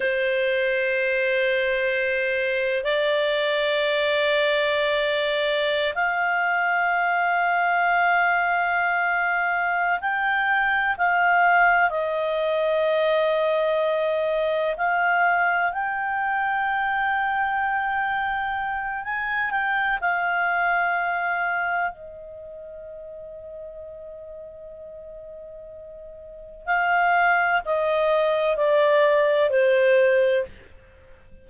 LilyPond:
\new Staff \with { instrumentName = "clarinet" } { \time 4/4 \tempo 4 = 63 c''2. d''4~ | d''2~ d''16 f''4.~ f''16~ | f''2~ f''8 g''4 f''8~ | f''8 dis''2. f''8~ |
f''8 g''2.~ g''8 | gis''8 g''8 f''2 dis''4~ | dis''1 | f''4 dis''4 d''4 c''4 | }